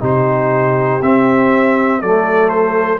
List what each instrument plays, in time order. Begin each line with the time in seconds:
0.00 tuba C3, trombone D#4, horn G4, trumpet C5
1.01 tuba C4, trombone C4, trumpet E5
2.00 tuba F#3, trombone A3, horn A4, trumpet D5
2.49 trumpet C5